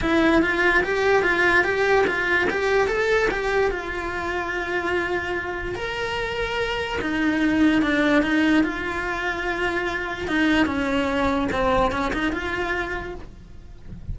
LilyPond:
\new Staff \with { instrumentName = "cello" } { \time 4/4 \tempo 4 = 146 e'4 f'4 g'4 f'4 | g'4 f'4 g'4 a'4 | g'4 f'2.~ | f'2 ais'2~ |
ais'4 dis'2 d'4 | dis'4 f'2.~ | f'4 dis'4 cis'2 | c'4 cis'8 dis'8 f'2 | }